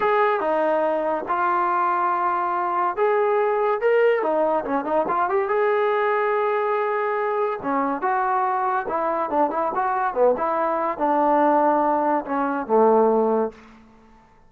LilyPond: \new Staff \with { instrumentName = "trombone" } { \time 4/4 \tempo 4 = 142 gis'4 dis'2 f'4~ | f'2. gis'4~ | gis'4 ais'4 dis'4 cis'8 dis'8 | f'8 g'8 gis'2.~ |
gis'2 cis'4 fis'4~ | fis'4 e'4 d'8 e'8 fis'4 | b8 e'4. d'2~ | d'4 cis'4 a2 | }